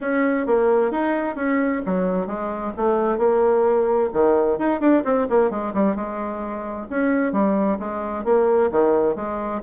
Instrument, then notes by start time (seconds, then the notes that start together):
bassoon
0.00 C#4
0.46 A#3
0.91 D#4
1.35 C#4
1.85 F#3
2.26 G#3
2.76 A3
3.18 A#3
4.13 D#3
4.58 D#4
4.80 D4
5.04 C4
5.29 A#3
5.50 G#3
5.73 G3
5.95 G#3
6.90 C#4
7.32 G3
7.79 G#3
8.24 A#3
8.71 D#3
9.15 G#3